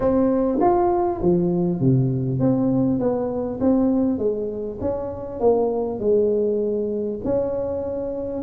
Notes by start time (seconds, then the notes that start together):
0.00 C4
0.60 F4
1.21 F3
1.79 C3
2.39 C4
2.99 B3
3.60 C4
4.18 G#3
4.81 C#4
5.39 A#3
5.99 G#3
7.24 C#4